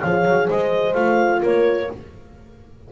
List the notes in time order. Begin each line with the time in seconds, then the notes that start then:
0.00 F3 G#4 C#5 F5
0.25 F#3
0.47 G#3 C5 D#5
0.94 A3 F4 F5
1.41 A#3 A#4 C#5